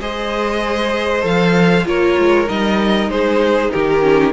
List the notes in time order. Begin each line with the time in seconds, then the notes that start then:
0.00 G#3 G#4 C5 D#5
1.22 F3 A4 F5
1.86 A#3 F4 A#4 C#5
2.18 G#3
2.46 G3 D#4 D#5
3.07 G#3 G#4 C5
3.72 D#3 G4 A#4
4.01 C#4